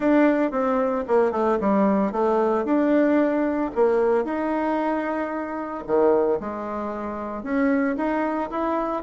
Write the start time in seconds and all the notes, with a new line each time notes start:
0.00 D4
0.51 C4
1.07 A#3
1.31 A3
1.60 G3
2.11 A3
2.64 D4
3.75 A#3
4.24 D#4
5.86 D#3
6.40 G#3
7.43 C#4
7.96 D#4
8.50 E4